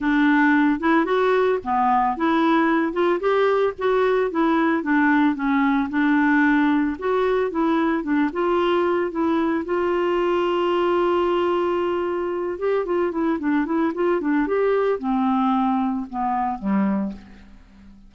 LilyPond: \new Staff \with { instrumentName = "clarinet" } { \time 4/4 \tempo 4 = 112 d'4. e'8 fis'4 b4 | e'4. f'8 g'4 fis'4 | e'4 d'4 cis'4 d'4~ | d'4 fis'4 e'4 d'8 f'8~ |
f'4 e'4 f'2~ | f'2.~ f'8 g'8 | f'8 e'8 d'8 e'8 f'8 d'8 g'4 | c'2 b4 g4 | }